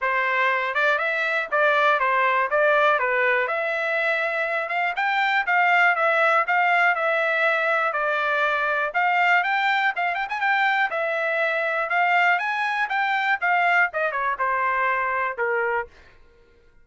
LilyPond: \new Staff \with { instrumentName = "trumpet" } { \time 4/4 \tempo 4 = 121 c''4. d''8 e''4 d''4 | c''4 d''4 b'4 e''4~ | e''4. f''8 g''4 f''4 | e''4 f''4 e''2 |
d''2 f''4 g''4 | f''8 g''16 gis''16 g''4 e''2 | f''4 gis''4 g''4 f''4 | dis''8 cis''8 c''2 ais'4 | }